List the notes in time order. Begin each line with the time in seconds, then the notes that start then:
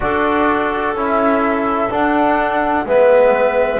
0.00 D4 F#4 A4 D5
0.94 C#4 E4 E5
1.90 D4 F#5
2.85 G#3 B3 B4 E5